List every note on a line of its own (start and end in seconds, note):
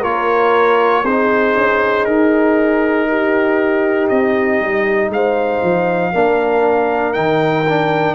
0.00 1.04 A#3
0.00 1.04 F4
0.00 1.02 A#4
0.00 1.05 C#5
1.04 1.54 C4
1.04 6.14 D#4
1.04 3.09 G#4
1.04 2.05 C5
1.57 2.06 C#4
2.05 4.10 D#4
2.05 4.08 A#4
3.10 5.13 G4
4.08 4.60 C4
4.08 5.10 D#5
4.60 5.09 G3
5.09 5.60 G#3
5.09 7.13 F5
5.15 6.13 C5
5.63 6.14 F3
6.13 7.16 A#3
6.13 7.14 D4
6.13 8.15 A#4
7.13 8.15 D#3
7.13 7.65 D#4
7.13 8.15 G5
7.69 8.15 D4